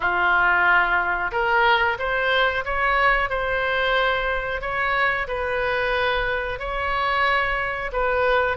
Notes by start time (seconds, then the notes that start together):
0.00 F4
1.31 A#4
1.98 C5
2.64 C#5
3.29 C5
4.61 C#5
5.27 B4
6.59 C#5
7.92 B4